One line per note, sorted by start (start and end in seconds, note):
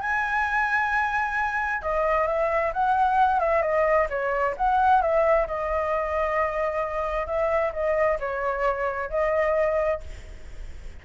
0.00 1.82 G#5
1.82 2.27 D#5
2.27 2.72 E5
2.73 3.39 F#5
3.39 3.62 E5
3.62 4.07 D#5
4.09 4.55 C#5
4.57 5.01 F#5
5.01 5.46 E5
5.47 7.26 D#5
7.26 7.72 E5
7.73 8.18 D#5
8.19 9.09 C#5
9.09 10.00 D#5